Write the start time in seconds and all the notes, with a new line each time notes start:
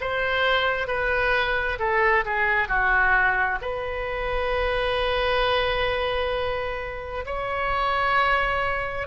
0.00 C5
0.87 B4
1.79 A4
2.24 G#4
2.68 F#4
3.61 B4
7.25 C#5